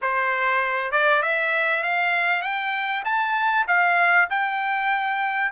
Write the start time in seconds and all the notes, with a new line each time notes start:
0.01 C5
0.91 D5
1.22 E5
1.83 F5
2.42 G5
3.04 A5
3.67 F5
4.29 G5